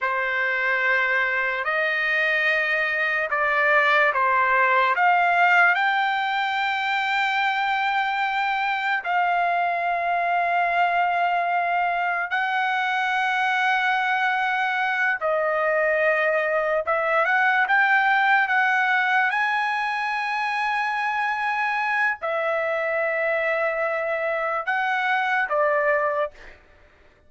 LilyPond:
\new Staff \with { instrumentName = "trumpet" } { \time 4/4 \tempo 4 = 73 c''2 dis''2 | d''4 c''4 f''4 g''4~ | g''2. f''4~ | f''2. fis''4~ |
fis''2~ fis''8 dis''4.~ | dis''8 e''8 fis''8 g''4 fis''4 gis''8~ | gis''2. e''4~ | e''2 fis''4 d''4 | }